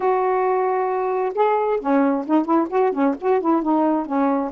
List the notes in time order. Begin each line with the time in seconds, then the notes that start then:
0.00 F#4
1.34 G#4
1.80 C#4
2.27 D#4
2.45 E4
2.69 F#4
2.92 C#4
3.21 F#4
3.40 E4
3.62 D#4
4.06 C#4